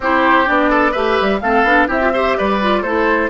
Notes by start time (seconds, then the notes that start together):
0.00 C4 E4 G4 C5
0.46 B3 D4 D5
0.69 A4
0.91 A3 G4 B4 E5
1.21 G3
1.40 A3 C4 A4 F5
1.63 B3 D4
1.87 C4 E4 G4 E5
2.00 F4
2.13 G4 C5
2.37 G3 B4 D5
2.61 F4
2.82 A3 E4 A4 C5